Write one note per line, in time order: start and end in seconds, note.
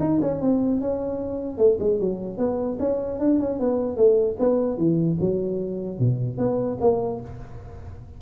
0.00 0.20 D#4
0.22 0.41 C#4
0.41 0.81 C4
0.81 1.58 C#4
1.58 1.78 A3
1.80 2.00 G#3
2.00 2.38 F#3
2.38 2.78 B3
2.80 3.20 C#4
3.20 3.40 D4
3.40 3.60 C#4
3.60 3.97 B3
3.97 4.37 A3
4.40 4.78 B3
4.78 5.18 E3
5.21 5.99 F#3
5.99 6.38 B2
6.38 6.78 B3
6.81 7.21 A#3